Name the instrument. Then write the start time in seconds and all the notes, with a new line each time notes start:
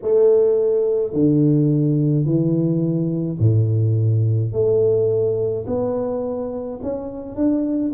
tuba
0.02 A3
1.13 D3
2.25 E3
3.39 A2
4.52 A3
5.66 B3
6.82 C#4
7.35 D4